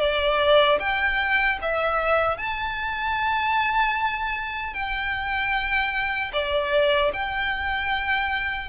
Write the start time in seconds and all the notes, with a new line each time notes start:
0.00 D5
0.80 G5
1.61 E5
2.37 A5
4.74 G5
6.33 D5
7.13 G5